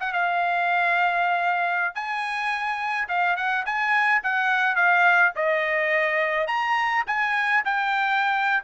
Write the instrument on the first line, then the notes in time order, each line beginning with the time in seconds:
trumpet
0.00 F#5
0.13 F5
1.95 G#5
3.09 F5
3.37 F#5
3.66 G#5
4.23 F#5
4.76 F5
5.36 D#5
6.48 A#5
7.07 G#5
7.65 G5